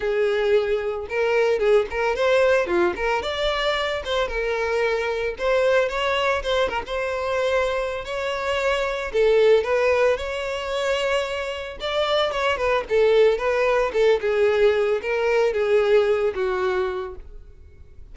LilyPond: \new Staff \with { instrumentName = "violin" } { \time 4/4 \tempo 4 = 112 gis'2 ais'4 gis'8 ais'8 | c''4 f'8 ais'8 d''4. c''8 | ais'2 c''4 cis''4 | c''8 ais'16 c''2~ c''16 cis''4~ |
cis''4 a'4 b'4 cis''4~ | cis''2 d''4 cis''8 b'8 | a'4 b'4 a'8 gis'4. | ais'4 gis'4. fis'4. | }